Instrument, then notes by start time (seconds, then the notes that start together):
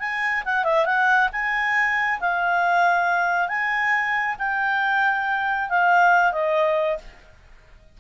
clarinet
0.00 G#5
0.45 F#5
0.64 E5
0.86 F#5
1.32 G#5
2.21 F5
3.48 G#5
4.39 G5
5.70 F5
6.32 D#5